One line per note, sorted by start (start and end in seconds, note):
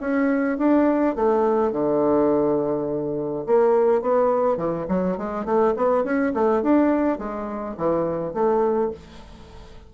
0.00 0.57 C#4
0.57 1.15 D4
1.15 1.72 A3
1.72 3.45 D3
3.46 4.01 A#3
4.01 4.57 B3
4.57 4.86 E3
4.88 5.17 F#3
5.17 5.45 G#3
5.45 5.74 A3
5.76 6.03 B3
6.03 6.32 C#4
6.34 6.62 A3
6.62 7.18 D4
7.18 7.76 G#3
7.77 8.33 E3
8.33 8.91 A3